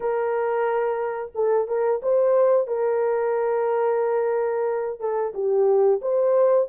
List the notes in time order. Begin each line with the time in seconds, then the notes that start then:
0.00 A#4
1.35 A4
1.67 A#4
2.02 C5
2.67 A#4
4.99 A4
5.33 G4
6.02 C5